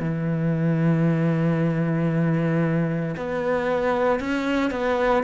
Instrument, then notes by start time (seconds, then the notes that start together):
cello
0.00 E3
3.17 B3
4.20 C#4
4.71 B3